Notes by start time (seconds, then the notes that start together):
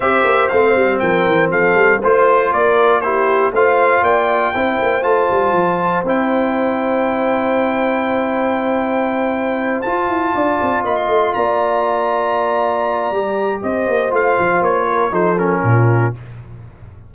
0.00 C4 G4 C5 E5
0.24 A#3
0.48 A3 C4 F5
0.75 G3
0.99 F3 A#4 G5
1.26 E3
1.50 F3 A4 F5
1.74 G3
1.99 A3 F4 C5
2.51 A#3 A#4 D5
3.00 E4 G4 C5
3.52 A3 F4 C5 F5
4.02 A#3 D5 G5
4.54 C4 E4 C5
4.82 A#3
5.02 A3 F4 A5
5.31 G3
5.52 F3
6.03 C4 E4 G5
9.81 F4 A5
10.07 E4
10.33 D4 D5
10.61 C4
10.83 A#3 D#5 B5
10.96 C6
11.07 A3
11.34 A#3 D5 A#5
13.11 G3 G4
13.62 C4 C5 D#5
13.87 A#3
14.10 A3 F4 F5
14.39 F3
14.61 A#3 C#5
14.89 A#4
15.11 F3 D#4 A4 C5
15.38 C#4 A#4
15.63 A#2 F4